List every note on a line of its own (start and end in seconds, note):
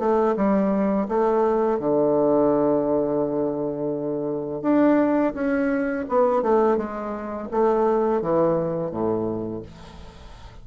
0.00 0.36 A3
0.37 1.08 G3
1.09 1.80 A3
1.80 4.63 D3
4.63 5.34 D4
5.34 6.06 C#4
6.09 6.43 B3
6.43 6.78 A3
6.78 7.49 G#3
7.52 8.22 A3
8.22 8.92 E3
8.92 9.63 A2